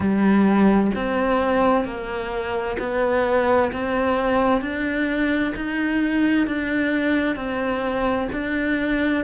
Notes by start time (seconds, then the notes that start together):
0.00 G3
0.95 C4
1.85 A#3
2.79 B3
3.72 C4
4.61 D4
5.55 D#4
6.46 D4
7.36 C4
8.32 D4